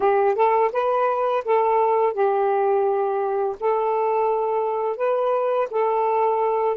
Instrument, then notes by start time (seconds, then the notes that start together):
saxophone
0.00 G4
0.35 A4
0.72 B4
1.44 A4
2.13 G4
3.60 A4
4.96 B4
5.70 A4